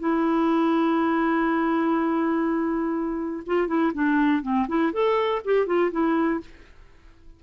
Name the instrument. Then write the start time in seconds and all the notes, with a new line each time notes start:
clarinet
0.00 E4
3.47 F4
3.68 E4
3.94 D4
4.43 C4
4.68 E4
4.93 A4
5.45 G4
5.67 F4
5.92 E4